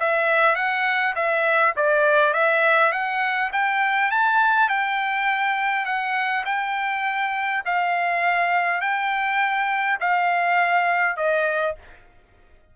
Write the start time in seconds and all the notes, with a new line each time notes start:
0.00 E5
0.56 F#5
1.16 E5
1.77 D5
2.34 E5
2.93 F#5
3.53 G5
4.11 A5
4.70 G5
5.86 F#5
6.46 G5
7.66 F5
8.82 G5
10.01 F5
11.17 D#5